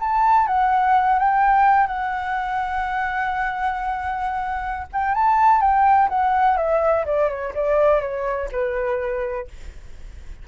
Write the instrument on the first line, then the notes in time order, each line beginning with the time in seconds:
flute
0.00 A5
0.48 F#5
1.20 G5
1.87 F#5
4.93 G5
5.15 A5
5.61 G5
6.10 F#5
6.57 E5
7.06 D5
7.30 C#5
7.55 D5
8.02 C#5
8.52 B4